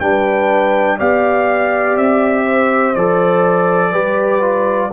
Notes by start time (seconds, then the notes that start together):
0.00 G3 D4 B4 G5
0.98 B3 G4 D5 F5
1.96 C4 E5
2.46 C5
2.95 F3 A4 D5
3.91 G3 G4 B4
4.41 F4